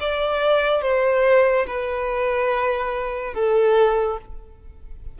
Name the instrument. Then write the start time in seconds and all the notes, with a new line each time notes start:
violin
0.00 D5
0.81 C5
1.67 B4
3.34 A4